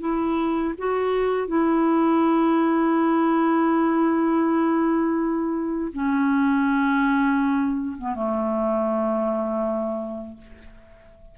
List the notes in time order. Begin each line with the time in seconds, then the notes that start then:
0.00 E4
0.78 F#4
1.48 E4
5.93 C#4
7.98 B3
8.15 A3